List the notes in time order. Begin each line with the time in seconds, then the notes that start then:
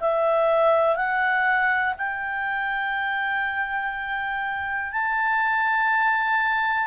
0.00 E5
0.95 F#5
1.98 G5
4.92 A5